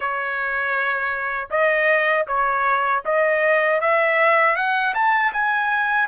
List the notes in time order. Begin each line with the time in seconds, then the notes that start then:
0.00 C#5
1.50 D#5
2.27 C#5
3.05 D#5
3.80 E5
4.56 F#5
4.94 A5
5.33 G#5